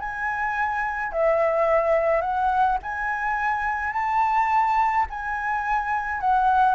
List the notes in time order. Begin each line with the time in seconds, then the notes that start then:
0.00 G#5
1.12 E5
2.21 F#5
2.83 G#5
3.93 A5
5.10 G#5
6.21 F#5